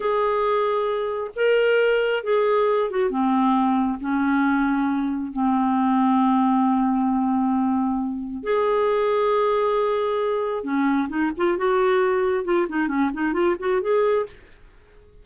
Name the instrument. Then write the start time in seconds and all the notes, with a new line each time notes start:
clarinet
0.00 G#4
1.35 A#4
2.23 G#4
2.90 F#4
3.10 C4
4.00 C#4
5.32 C4
8.43 G#4
10.63 C#4
11.08 D#4
11.37 F4
11.57 F#4
12.44 F4
12.68 D#4
12.88 C#4
13.13 D#4
13.33 F4
13.59 F#4
13.81 G#4